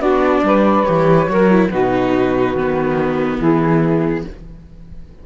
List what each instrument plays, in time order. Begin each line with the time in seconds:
0.00 cello B3, viola D4, saxophone F#4, flute D5
0.43 cello G3, saxophone B4
0.84 cello E3, viola G4, flute C#5
1.28 cello F#3, viola F#4, saxophone A#4
1.51 viola E4
1.71 cello B2, viola D#4, saxophone F#4, flute B4
2.55 cello D#3, viola B3
3.39 cello E3, saxophone E4, flute G#4